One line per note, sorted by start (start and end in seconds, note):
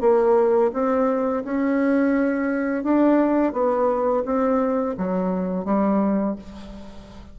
0.00 0.71 A#3
0.73 1.43 C4
1.44 2.83 C#4
2.83 3.53 D4
3.53 4.23 B3
4.25 4.95 C4
4.97 5.64 F#3
5.64 6.35 G3